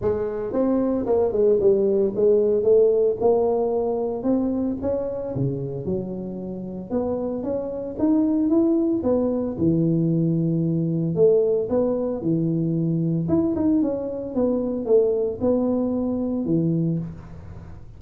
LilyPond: \new Staff \with { instrumentName = "tuba" } { \time 4/4 \tempo 4 = 113 gis4 c'4 ais8 gis8 g4 | gis4 a4 ais2 | c'4 cis'4 cis4 fis4~ | fis4 b4 cis'4 dis'4 |
e'4 b4 e2~ | e4 a4 b4 e4~ | e4 e'8 dis'8 cis'4 b4 | a4 b2 e4 | }